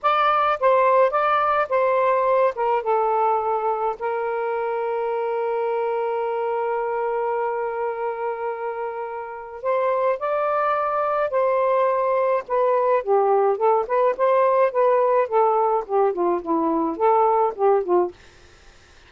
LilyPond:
\new Staff \with { instrumentName = "saxophone" } { \time 4/4 \tempo 4 = 106 d''4 c''4 d''4 c''4~ | c''8 ais'8 a'2 ais'4~ | ais'1~ | ais'1~ |
ais'4 c''4 d''2 | c''2 b'4 g'4 | a'8 b'8 c''4 b'4 a'4 | g'8 f'8 e'4 a'4 g'8 f'8 | }